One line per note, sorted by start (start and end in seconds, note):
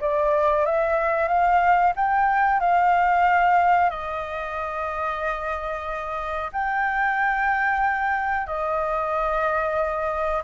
0.00 0.65 D5
0.65 1.27 E5
1.27 1.93 F5
1.96 2.60 G5
2.60 3.90 F5
3.90 6.50 D#5
6.52 8.46 G5
8.46 10.42 D#5